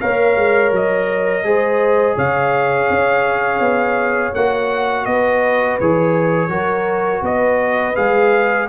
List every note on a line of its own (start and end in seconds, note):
0.00 0.35 A#3
0.00 1.44 A#4
0.00 1.46 C#5
0.00 0.72 F5
0.35 0.71 G#3
0.71 1.43 F#3
0.71 2.17 D#5
1.44 2.16 G#3
1.44 4.33 G#4
1.44 2.16 C5
2.16 2.89 C#3
2.16 5.05 C#5
2.16 4.34 F5
2.89 3.59 C#4
3.59 4.32 B3
4.34 5.05 A#3
4.34 5.81 F#4
4.34 5.05 F#5
5.05 5.78 B3
5.05 6.50 B4
5.05 5.77 D#5
5.79 6.49 E3
5.79 6.49 G#4
5.79 7.24 C#5
6.49 7.21 F#3
6.49 7.94 F#4
6.49 7.22 A#4
7.21 7.94 B3
7.21 8.69 B4
7.21 7.95 D#5
7.95 8.69 G#3
7.95 8.67 G#4
7.95 8.68 F5